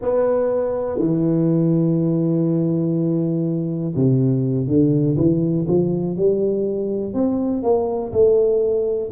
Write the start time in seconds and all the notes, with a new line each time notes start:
0.01 B3
0.98 E3
3.95 C3
4.67 D3
5.17 E3
5.67 F3
6.16 G3
7.13 C4
7.62 A#3
8.12 A3